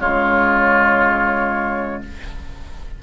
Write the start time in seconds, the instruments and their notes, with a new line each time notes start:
0.00 bassoon C#3, clarinet G#3, oboe F4, flute C#5